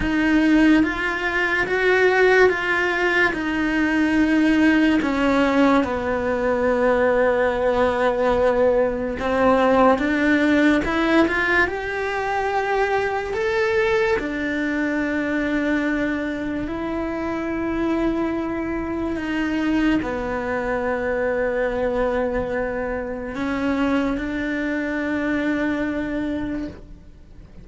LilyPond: \new Staff \with { instrumentName = "cello" } { \time 4/4 \tempo 4 = 72 dis'4 f'4 fis'4 f'4 | dis'2 cis'4 b4~ | b2. c'4 | d'4 e'8 f'8 g'2 |
a'4 d'2. | e'2. dis'4 | b1 | cis'4 d'2. | }